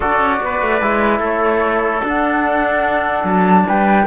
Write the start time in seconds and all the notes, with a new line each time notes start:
0.00 D4 F#4 A4 D5
0.20 C#4
0.42 B3 B4
0.61 A3
0.81 G#3 E4
1.19 A3 A4 C#5
2.01 D4 F#5
3.24 F#3 A5
3.67 G3 B4 G5